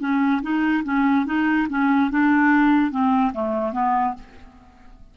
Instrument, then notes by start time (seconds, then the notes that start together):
clarinet
0.00 C#4
0.42 D#4
0.84 C#4
1.26 D#4
1.69 C#4
2.10 D4
2.91 C4
3.33 A3
3.73 B3